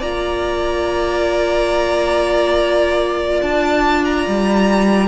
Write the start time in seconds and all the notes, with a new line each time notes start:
0.00 A#3 F4 D5 A#5
3.42 D4 A5
4.05 A#5
4.27 G3